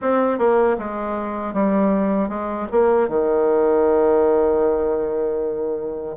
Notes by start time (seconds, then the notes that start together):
0.01 C4
0.38 A#3
0.78 G#3
1.53 G3
2.29 G#3
2.71 A#3
3.08 D#3